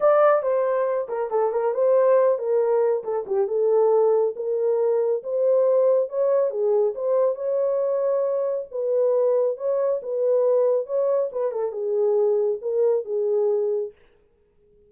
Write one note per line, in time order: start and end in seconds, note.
0.00 0.42 D5
0.42 1.07 C5
1.08 1.30 A#4
1.30 1.52 A4
1.52 1.74 A#4
1.74 2.38 C5
2.38 3.03 A#4
3.03 3.25 A4
3.26 3.47 G4
3.47 4.34 A4
4.35 5.22 A#4
5.23 6.09 C5
6.09 6.50 C#5
6.50 6.93 G#4
6.94 7.35 C5
7.35 8.65 C#5
8.71 9.57 B4
9.57 10.00 C#5
10.02 10.86 B4
10.86 11.29 C#5
11.32 11.51 B4
11.51 11.72 A4
11.72 12.58 G#4
12.61 13.05 A#4
13.05 13.92 G#4